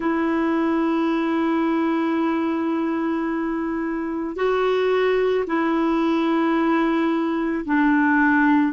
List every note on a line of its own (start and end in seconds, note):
0.00 4.35 E4
4.35 5.44 F#4
5.46 7.65 E4
7.65 8.73 D4